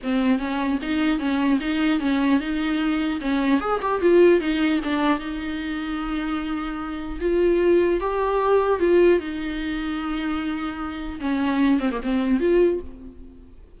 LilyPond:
\new Staff \with { instrumentName = "viola" } { \time 4/4 \tempo 4 = 150 c'4 cis'4 dis'4 cis'4 | dis'4 cis'4 dis'2 | cis'4 gis'8 g'8 f'4 dis'4 | d'4 dis'2.~ |
dis'2 f'2 | g'2 f'4 dis'4~ | dis'1 | cis'4. c'16 ais16 c'4 f'4 | }